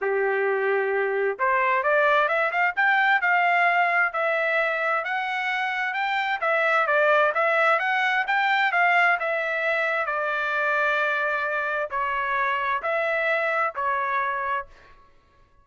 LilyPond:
\new Staff \with { instrumentName = "trumpet" } { \time 4/4 \tempo 4 = 131 g'2. c''4 | d''4 e''8 f''8 g''4 f''4~ | f''4 e''2 fis''4~ | fis''4 g''4 e''4 d''4 |
e''4 fis''4 g''4 f''4 | e''2 d''2~ | d''2 cis''2 | e''2 cis''2 | }